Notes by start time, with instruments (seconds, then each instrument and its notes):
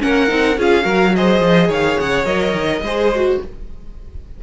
0.00 cello A#3, viola C#4, violin A#4 F#5
0.28 cello C4, viola D#4
0.57 cello C#4, viola F4, violin G#4 F5
0.83 cello F#3, viola F#4, violin A#4
1.15 viola G#4, violin C5 D#5
1.40 cello F3
1.68 cello D#3, violin C#5 F5
2.00 cello C#3, violin F#5
2.25 cello F#3, viola A#4, violin D#5
2.54 cello D#3
2.81 cello G#3, viola G#4, violin C5
3.15 viola F#4